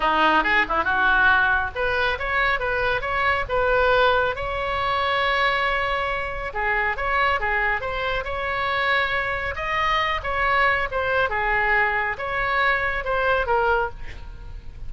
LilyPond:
\new Staff \with { instrumentName = "oboe" } { \time 4/4 \tempo 4 = 138 dis'4 gis'8 e'8 fis'2 | b'4 cis''4 b'4 cis''4 | b'2 cis''2~ | cis''2. gis'4 |
cis''4 gis'4 c''4 cis''4~ | cis''2 dis''4. cis''8~ | cis''4 c''4 gis'2 | cis''2 c''4 ais'4 | }